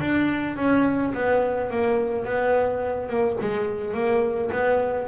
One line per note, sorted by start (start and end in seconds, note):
0.00 0.56 D4
0.56 1.13 C#4
1.14 1.71 B3
1.71 2.25 A#3
2.25 3.09 B3
3.09 3.37 A#3
3.41 3.94 G#3
3.94 4.51 A#3
4.52 5.08 B3